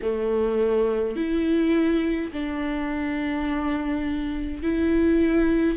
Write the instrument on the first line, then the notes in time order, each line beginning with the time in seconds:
viola
0.02 A3
1.15 E4
2.32 D4
4.62 E4